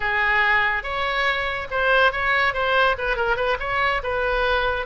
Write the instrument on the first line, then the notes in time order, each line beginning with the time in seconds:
oboe
0.00 G#4
0.83 C#5
1.71 C5
2.12 C#5
2.53 C5
2.98 B4
3.16 A#4
3.36 B4
3.59 C#5
4.03 B4